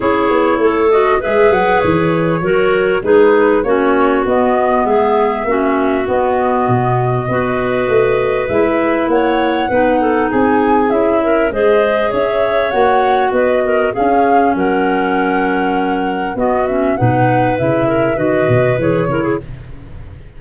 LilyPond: <<
  \new Staff \with { instrumentName = "flute" } { \time 4/4 \tempo 4 = 99 cis''4. dis''8 e''8 fis''8 cis''4~ | cis''4 b'4 cis''4 dis''4 | e''2 dis''2~ | dis''2 e''4 fis''4~ |
fis''4 gis''4 e''4 dis''4 | e''4 fis''4 dis''4 f''4 | fis''2. dis''8 e''8 | fis''4 e''4 dis''4 cis''4 | }
  \new Staff \with { instrumentName = "clarinet" } { \time 4/4 gis'4 a'4 b'2 | ais'4 gis'4 fis'2 | gis'4 fis'2. | b'2. cis''4 |
b'8 a'8 gis'4. ais'8 c''4 | cis''2 b'8 ais'8 gis'4 | ais'2. fis'4 | b'4. ais'8 b'4. ais'16 gis'16 | }
  \new Staff \with { instrumentName = "clarinet" } { \time 4/4 e'4. fis'8 gis'2 | fis'4 dis'4 cis'4 b4~ | b4 cis'4 b2 | fis'2 e'2 |
dis'2 e'4 gis'4~ | gis'4 fis'2 cis'4~ | cis'2. b8 cis'8 | dis'4 e'4 fis'4 gis'8 e'8 | }
  \new Staff \with { instrumentName = "tuba" } { \time 4/4 cis'8 b8 a4 gis8 fis8 e4 | fis4 gis4 ais4 b4 | gis4 ais4 b4 b,4 | b4 a4 gis4 ais4 |
b4 c'4 cis'4 gis4 | cis'4 ais4 b4 cis'4 | fis2. b4 | b,4 cis4 dis8 b,8 e8 cis8 | }
>>